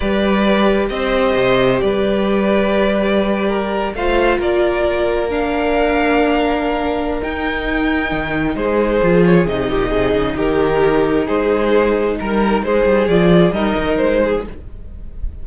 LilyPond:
<<
  \new Staff \with { instrumentName = "violin" } { \time 4/4 \tempo 4 = 133 d''2 dis''2 | d''1~ | d''8. f''4 d''2 f''16~ | f''1 |
g''2. c''4~ | c''8 cis''8 dis''2 ais'4~ | ais'4 c''2 ais'4 | c''4 d''4 dis''4 c''4 | }
  \new Staff \with { instrumentName = "violin" } { \time 4/4 b'2 c''2 | b'2.~ b'8. ais'16~ | ais'8. c''4 ais'2~ ais'16~ | ais'1~ |
ais'2. gis'4~ | gis'4. g'8 gis'4 g'4~ | g'4 gis'2 ais'4 | gis'2 ais'4. gis'8 | }
  \new Staff \with { instrumentName = "viola" } { \time 4/4 g'1~ | g'1~ | g'8. f'2. d'16~ | d'1 |
dis'1 | f'4 dis'2.~ | dis'1~ | dis'4 f'4 dis'2 | }
  \new Staff \with { instrumentName = "cello" } { \time 4/4 g2 c'4 c4 | g1~ | g8. a4 ais2~ ais16~ | ais1 |
dis'2 dis4 gis4 | f4 c8 ais,8 c8 cis8 dis4~ | dis4 gis2 g4 | gis8 g8 f4 g8 dis8 gis4 | }
>>